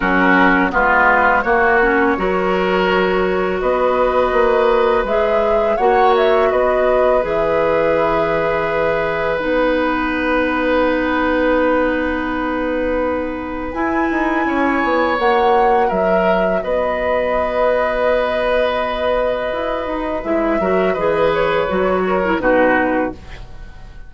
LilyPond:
<<
  \new Staff \with { instrumentName = "flute" } { \time 4/4 \tempo 4 = 83 ais'4 b'4 cis''2~ | cis''4 dis''2 e''4 | fis''8 e''8 dis''4 e''2~ | e''4 fis''2.~ |
fis''2. gis''4~ | gis''4 fis''4 e''4 dis''4~ | dis''1 | e''4 dis''8 cis''4. b'4 | }
  \new Staff \with { instrumentName = "oboe" } { \time 4/4 fis'4 f'4 fis'4 ais'4~ | ais'4 b'2. | cis''4 b'2.~ | b'1~ |
b'1 | cis''2 ais'4 b'4~ | b'1~ | b'8 ais'8 b'4. ais'8 fis'4 | }
  \new Staff \with { instrumentName = "clarinet" } { \time 4/4 cis'4 b4 ais8 cis'8 fis'4~ | fis'2. gis'4 | fis'2 gis'2~ | gis'4 dis'2.~ |
dis'2. e'4~ | e'4 fis'2.~ | fis'1 | e'8 fis'8 gis'4 fis'8. e'16 dis'4 | }
  \new Staff \with { instrumentName = "bassoon" } { \time 4/4 fis4 gis4 ais4 fis4~ | fis4 b4 ais4 gis4 | ais4 b4 e2~ | e4 b2.~ |
b2. e'8 dis'8 | cis'8 b8 ais4 fis4 b4~ | b2. e'8 dis'8 | gis8 fis8 e4 fis4 b,4 | }
>>